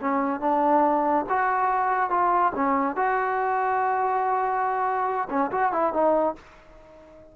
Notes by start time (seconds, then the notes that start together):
0.00 C#4
0.40 D4
1.29 F#4
2.10 F4
2.55 C#4
2.96 F#4
5.30 C#4
5.51 F#4
5.72 E4
5.93 D#4